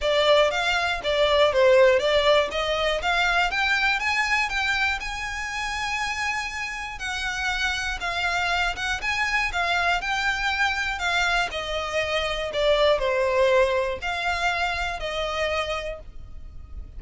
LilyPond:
\new Staff \with { instrumentName = "violin" } { \time 4/4 \tempo 4 = 120 d''4 f''4 d''4 c''4 | d''4 dis''4 f''4 g''4 | gis''4 g''4 gis''2~ | gis''2 fis''2 |
f''4. fis''8 gis''4 f''4 | g''2 f''4 dis''4~ | dis''4 d''4 c''2 | f''2 dis''2 | }